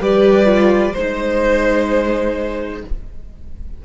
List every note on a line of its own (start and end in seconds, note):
0.00 0.94 G3
0.00 0.46 G4
0.00 0.93 B4
0.00 0.96 D5
0.46 0.93 F4
0.93 2.84 G#3
0.93 2.85 D#4
0.93 2.80 C5
0.93 2.83 C5